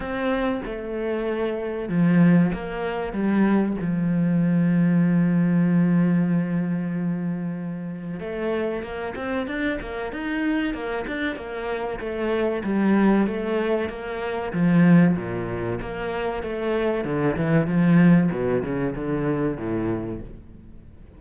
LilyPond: \new Staff \with { instrumentName = "cello" } { \time 4/4 \tempo 4 = 95 c'4 a2 f4 | ais4 g4 f2~ | f1~ | f4 a4 ais8 c'8 d'8 ais8 |
dis'4 ais8 d'8 ais4 a4 | g4 a4 ais4 f4 | ais,4 ais4 a4 d8 e8 | f4 b,8 cis8 d4 a,4 | }